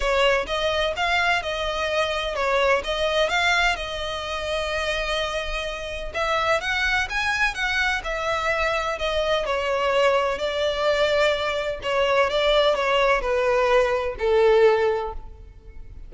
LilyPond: \new Staff \with { instrumentName = "violin" } { \time 4/4 \tempo 4 = 127 cis''4 dis''4 f''4 dis''4~ | dis''4 cis''4 dis''4 f''4 | dis''1~ | dis''4 e''4 fis''4 gis''4 |
fis''4 e''2 dis''4 | cis''2 d''2~ | d''4 cis''4 d''4 cis''4 | b'2 a'2 | }